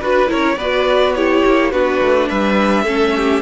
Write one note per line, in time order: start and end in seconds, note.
0.00 0.30 D4
0.00 0.27 F#4
0.00 0.27 B4
0.00 0.31 B4
0.27 0.57 C#4
0.27 0.56 E4
0.27 0.56 A#4
0.27 0.58 C#5
0.57 1.43 B3
0.57 1.16 F#4
0.57 1.14 B4
0.57 1.15 D5
1.15 1.72 E4
1.15 1.72 G4
1.15 1.71 C#5
1.45 1.73 A#3
1.71 2.01 B3
1.71 2.85 D4
1.71 2.29 F#4
1.71 2.29 B4
2.02 2.30 A3
2.29 2.86 G3
2.29 2.83 B4
2.29 3.42 E5
2.83 3.42 A3
2.83 3.42 C#4
2.83 3.11 A4
3.16 3.42 G4